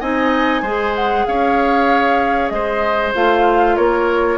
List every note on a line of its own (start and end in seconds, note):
0.00 0.62 C4
0.00 0.64 D#4
0.00 0.62 D#5
0.00 0.95 G#5
0.62 1.25 G#3
0.62 3.15 G#4
0.62 1.25 C5
0.96 1.26 F#5
1.26 2.51 C#4
1.26 2.53 C#5
1.26 2.49 F5
2.49 3.13 G#3
2.49 3.76 C5
2.49 3.12 D#5
3.15 3.78 A3
3.15 4.38 F4
3.15 3.77 F5
3.76 4.38 A#3
3.76 4.38 A#4
3.76 4.38 C#5